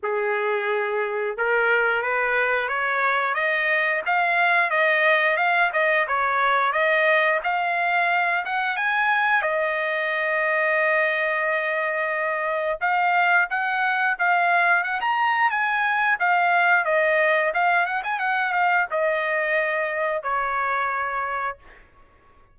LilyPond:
\new Staff \with { instrumentName = "trumpet" } { \time 4/4 \tempo 4 = 89 gis'2 ais'4 b'4 | cis''4 dis''4 f''4 dis''4 | f''8 dis''8 cis''4 dis''4 f''4~ | f''8 fis''8 gis''4 dis''2~ |
dis''2. f''4 | fis''4 f''4 fis''16 ais''8. gis''4 | f''4 dis''4 f''8 fis''16 gis''16 fis''8 f''8 | dis''2 cis''2 | }